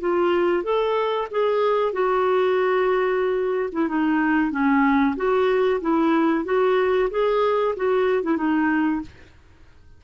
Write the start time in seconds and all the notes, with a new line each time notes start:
0.00 F4
0.63 A4
1.31 G#4
1.92 F#4
3.72 E4
3.88 D#4
4.50 C#4
5.16 F#4
5.81 E4
6.44 F#4
7.10 G#4
7.76 F#4
8.23 E4
8.36 D#4